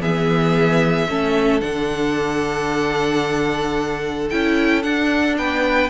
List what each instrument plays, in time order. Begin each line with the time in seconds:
0.00 cello E3, viola B3, violin G#4 E5
1.08 cello A3, viola C#4, violin A4
1.61 cello D3, viola D4, violin F#5
4.29 cello C#4, viola E4, violin G5
4.82 viola D4, cello D4, violin F#5
5.37 cello B3, violin B4 G5